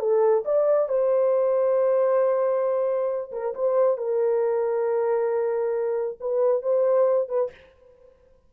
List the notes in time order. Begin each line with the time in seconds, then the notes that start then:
0.00 A4
0.46 D5
0.89 C5
3.32 A#4
3.55 C5
3.98 A#4
6.21 B4
6.63 C5
7.29 B4